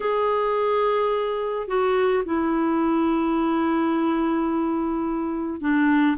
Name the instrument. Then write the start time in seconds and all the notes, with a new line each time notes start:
clarinet
0.00 G#4
1.67 F#4
2.25 E4
5.60 D4